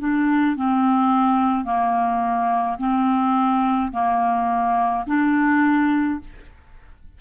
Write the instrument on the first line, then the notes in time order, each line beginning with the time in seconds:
clarinet
0.00 D4
0.57 C4
1.65 A#3
2.79 C4
3.93 A#3
5.07 D4